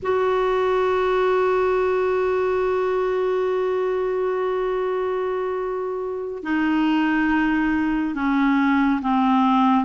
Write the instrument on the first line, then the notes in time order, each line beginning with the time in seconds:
clarinet
0.02 F#4
6.43 D#4
8.14 C#4
9.02 C4